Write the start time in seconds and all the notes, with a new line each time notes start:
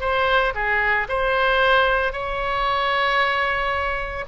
0.00 C5
0.54 G#4
1.08 C5
2.12 C#5